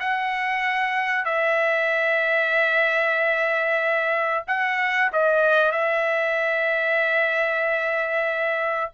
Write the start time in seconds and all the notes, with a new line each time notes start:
0.00 F#5
1.25 E5
4.47 F#5
5.13 D#5
5.72 E5